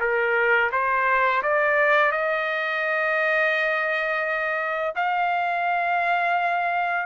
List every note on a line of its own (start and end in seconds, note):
0.00 0.71 A#4
0.72 1.42 C5
1.43 2.12 D5
2.12 4.94 D#5
4.95 7.06 F5